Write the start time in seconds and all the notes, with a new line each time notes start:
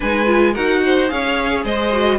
0.00 G#3 D#4 B4 G#5
0.25 F4
0.53 D#4 F#4 A#4 F#5
0.85 C5
1.08 C#4 G#4 C#5 F5
1.64 G#3 C5 D#5
1.92 F#4